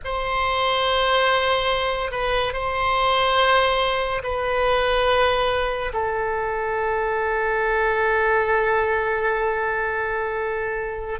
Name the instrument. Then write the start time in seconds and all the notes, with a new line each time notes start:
oboe
0.04 C5
2.11 B4
2.53 C5
4.23 B4
5.93 A4